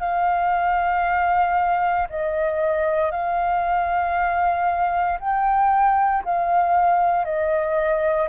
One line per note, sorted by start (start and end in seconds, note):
0.00 2.07 F5
2.09 3.11 D#5
3.11 5.18 F5
5.20 6.23 G5
6.24 7.25 F5
7.25 8.28 D#5